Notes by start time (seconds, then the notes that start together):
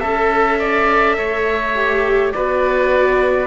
0.00 C#4 A4 E5
0.59 D5
1.18 A3 C#5
1.75 G4
2.32 B3 F#4 B4 D5